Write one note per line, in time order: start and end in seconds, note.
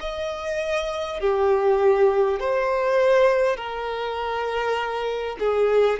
0.00 1.20 D#5
1.20 2.39 G4
2.39 3.57 C5
3.57 5.37 A#4
5.39 5.99 G#4